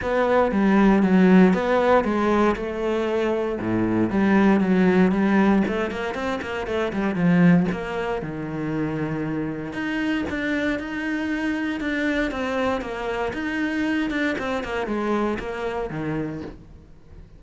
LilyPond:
\new Staff \with { instrumentName = "cello" } { \time 4/4 \tempo 4 = 117 b4 g4 fis4 b4 | gis4 a2 a,4 | g4 fis4 g4 a8 ais8 | c'8 ais8 a8 g8 f4 ais4 |
dis2. dis'4 | d'4 dis'2 d'4 | c'4 ais4 dis'4. d'8 | c'8 ais8 gis4 ais4 dis4 | }